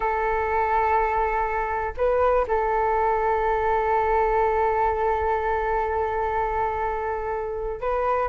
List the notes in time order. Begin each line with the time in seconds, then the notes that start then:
0.00 A4
1.97 B4
2.47 A4
7.80 B4